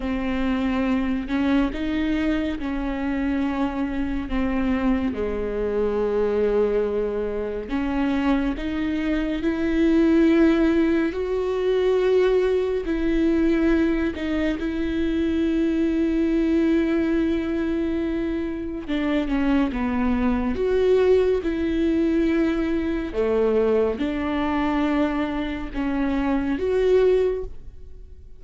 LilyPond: \new Staff \with { instrumentName = "viola" } { \time 4/4 \tempo 4 = 70 c'4. cis'8 dis'4 cis'4~ | cis'4 c'4 gis2~ | gis4 cis'4 dis'4 e'4~ | e'4 fis'2 e'4~ |
e'8 dis'8 e'2.~ | e'2 d'8 cis'8 b4 | fis'4 e'2 a4 | d'2 cis'4 fis'4 | }